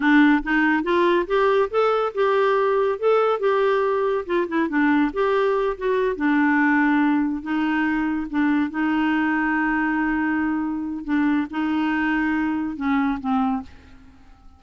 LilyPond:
\new Staff \with { instrumentName = "clarinet" } { \time 4/4 \tempo 4 = 141 d'4 dis'4 f'4 g'4 | a'4 g'2 a'4 | g'2 f'8 e'8 d'4 | g'4. fis'4 d'4.~ |
d'4. dis'2 d'8~ | d'8 dis'2.~ dis'8~ | dis'2 d'4 dis'4~ | dis'2 cis'4 c'4 | }